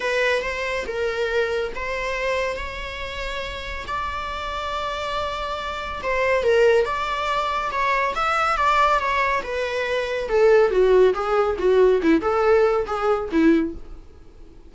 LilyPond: \new Staff \with { instrumentName = "viola" } { \time 4/4 \tempo 4 = 140 b'4 c''4 ais'2 | c''2 cis''2~ | cis''4 d''2.~ | d''2 c''4 ais'4 |
d''2 cis''4 e''4 | d''4 cis''4 b'2 | a'4 fis'4 gis'4 fis'4 | e'8 a'4. gis'4 e'4 | }